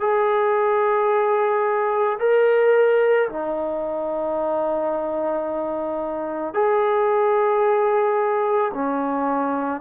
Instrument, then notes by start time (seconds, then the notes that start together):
trombone
0.00 G#4
2.19 A#4
3.29 D#4
6.54 G#4
8.74 C#4